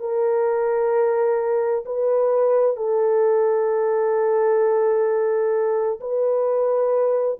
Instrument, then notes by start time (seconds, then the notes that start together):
horn
0.00 A#4
1.86 B4
2.77 A4
6.00 B4